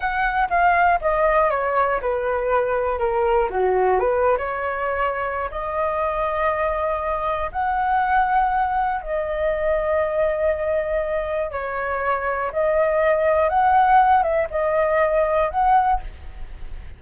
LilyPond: \new Staff \with { instrumentName = "flute" } { \time 4/4 \tempo 4 = 120 fis''4 f''4 dis''4 cis''4 | b'2 ais'4 fis'4 | b'8. cis''2~ cis''16 dis''4~ | dis''2. fis''4~ |
fis''2 dis''2~ | dis''2. cis''4~ | cis''4 dis''2 fis''4~ | fis''8 e''8 dis''2 fis''4 | }